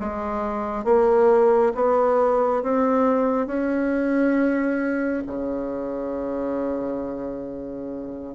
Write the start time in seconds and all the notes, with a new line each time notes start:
0.00 G#3
0.85 A#3
1.75 B3
2.63 C4
3.47 C#4
5.27 C#3